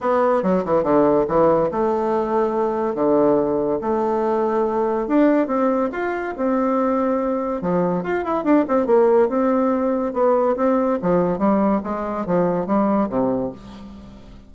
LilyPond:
\new Staff \with { instrumentName = "bassoon" } { \time 4/4 \tempo 4 = 142 b4 fis8 e8 d4 e4 | a2. d4~ | d4 a2. | d'4 c'4 f'4 c'4~ |
c'2 f4 f'8 e'8 | d'8 c'8 ais4 c'2 | b4 c'4 f4 g4 | gis4 f4 g4 c4 | }